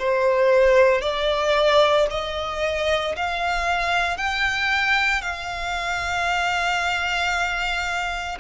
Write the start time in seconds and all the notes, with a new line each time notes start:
0.00 C5
1.02 D5
2.11 D#5
3.17 F5
4.18 G5
5.22 F5